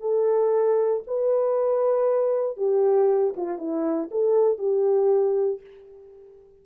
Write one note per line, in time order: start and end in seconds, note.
0.00 1.03 A4
1.07 2.57 B4
2.57 3.34 G4
3.36 3.58 F4
3.58 4.09 E4
4.11 4.58 A4
4.58 5.60 G4